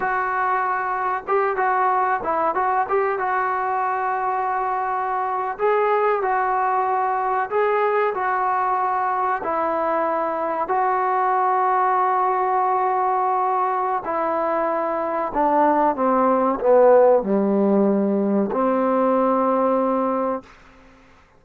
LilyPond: \new Staff \with { instrumentName = "trombone" } { \time 4/4 \tempo 4 = 94 fis'2 g'8 fis'4 e'8 | fis'8 g'8 fis'2.~ | fis'8. gis'4 fis'2 gis'16~ | gis'8. fis'2 e'4~ e'16~ |
e'8. fis'2.~ fis'16~ | fis'2 e'2 | d'4 c'4 b4 g4~ | g4 c'2. | }